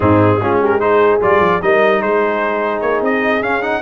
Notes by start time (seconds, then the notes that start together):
0.00 G#2 C4 D#4 G#4
0.36 G#3 C#4 F4
0.61 G4 A#4
0.79 D#4 G#4 C5
1.20 G3 F4 D5
1.40 F3
1.61 G3 D#4 A#4 D#5
2.01 G#3 G#4 C5
2.80 A#3 C#5
3.01 C4 D#5
3.41 C#4 F5
3.62 D#4 F#5